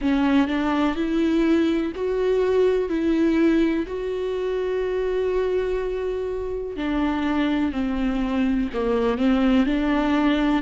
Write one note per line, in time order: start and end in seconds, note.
0.00 0.48 C#4
0.48 0.95 D4
0.95 1.92 E4
1.95 2.89 F#4
2.89 3.86 E4
3.86 6.76 F#4
6.76 7.72 D4
7.72 8.68 C4
8.73 9.17 A#3
9.17 9.66 C4
9.66 10.62 D4